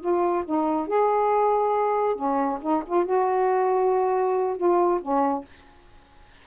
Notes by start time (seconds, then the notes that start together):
0.00 F4
0.45 D#4
0.87 G#4
2.15 C#4
2.61 D#4
2.86 F4
3.05 F#4
4.56 F4
5.01 C#4